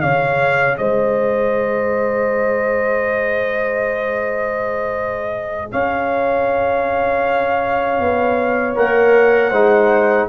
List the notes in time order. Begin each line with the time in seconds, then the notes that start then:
0.00 C#3 G#4 C#5 F5
0.77 G#3 C5 D#5
5.71 C#4 C#5 F5
8.00 B3
8.75 A#3 A#4 F#5
9.50 G#3 D#4 C5